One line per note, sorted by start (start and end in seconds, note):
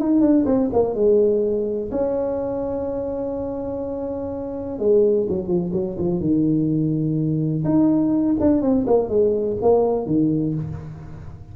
0.00 0.21 D#4
0.21 0.45 D4
0.46 0.70 C4
0.74 0.95 A#3
0.95 1.91 G#3
1.92 4.79 C#4
4.79 5.27 G#3
5.29 5.48 F#3
5.48 5.72 F3
5.73 5.97 F#3
5.99 6.21 F3
6.21 7.65 D#3
7.65 8.37 D#4
8.41 8.62 D4
8.62 8.86 C4
8.87 9.09 A#3
9.09 9.57 G#3
9.62 10.06 A#3
10.06 10.54 D#3